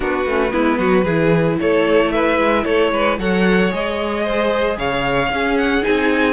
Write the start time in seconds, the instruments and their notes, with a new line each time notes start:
0.00 cello B3, viola D4, violin F#4 B4
0.26 cello A3, viola C#4
0.50 cello G#3, viola B3, violin E4
0.78 cello F#3, violin F#4
1.03 cello E3, viola E4, violin G#4
1.60 cello A3, violin A4 C#5
2.11 violin B4 E5
2.37 cello G#3
2.64 cello A3, violin A4 C#5
2.91 cello G#3, violin B4
3.18 cello F#3, viola A4, violin C#5 F#5
3.71 cello G#3, viola G#4, violin D#5
4.24 violin C5
4.77 cello C#3, violin C#5 F5
5.28 cello C#4, viola C#4, violin G#4
5.57 violin F#5
5.82 cello C4, viola D#4, violin G#5